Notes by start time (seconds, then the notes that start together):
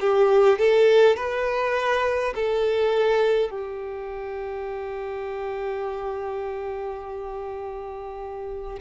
0.00 G4
0.58 A4
1.16 B4
2.35 A4
3.50 G4